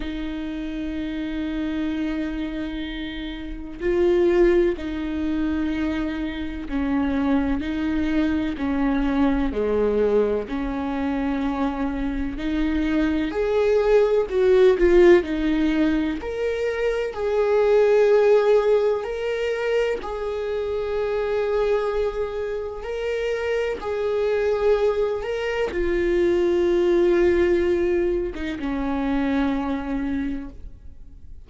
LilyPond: \new Staff \with { instrumentName = "viola" } { \time 4/4 \tempo 4 = 63 dis'1 | f'4 dis'2 cis'4 | dis'4 cis'4 gis4 cis'4~ | cis'4 dis'4 gis'4 fis'8 f'8 |
dis'4 ais'4 gis'2 | ais'4 gis'2. | ais'4 gis'4. ais'8 f'4~ | f'4.~ f'16 dis'16 cis'2 | }